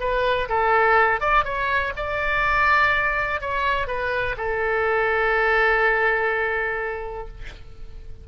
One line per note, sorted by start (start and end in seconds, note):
0.00 0.48 B4
0.49 1.20 A4
1.20 1.45 D5
1.45 1.93 C#5
1.96 3.41 D5
3.41 3.87 C#5
3.87 4.35 B4
4.37 7.27 A4